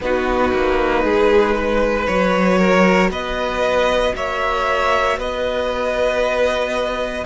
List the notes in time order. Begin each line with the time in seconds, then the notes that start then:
0.00 B3 D#4 F#4 B4
0.53 A#3
1.03 G#3 G#4
1.55 B4
2.06 F#3 F#4 C#5
2.58 A#4
3.09 B3 B4 D#5
4.14 A#3 C#5 E5
5.17 B3 B4 D#5